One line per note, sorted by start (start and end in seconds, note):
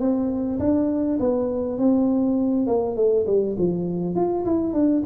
0.00 0.59 C4
0.60 1.19 D4
1.20 1.79 B3
1.79 2.67 C4
2.67 2.96 A#3
2.96 3.26 A3
3.27 3.56 G3
3.59 4.16 F3
4.16 4.45 F4
4.46 4.73 E4
4.73 5.03 D4